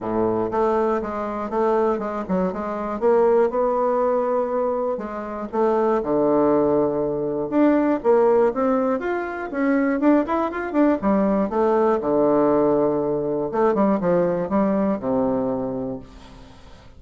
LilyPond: \new Staff \with { instrumentName = "bassoon" } { \time 4/4 \tempo 4 = 120 a,4 a4 gis4 a4 | gis8 fis8 gis4 ais4 b4~ | b2 gis4 a4 | d2. d'4 |
ais4 c'4 f'4 cis'4 | d'8 e'8 f'8 d'8 g4 a4 | d2. a8 g8 | f4 g4 c2 | }